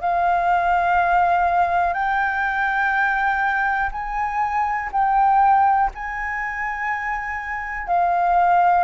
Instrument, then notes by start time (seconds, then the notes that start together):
flute
0.00 F5
1.93 G5
3.92 G#5
4.92 G5
5.94 G#5
7.87 F5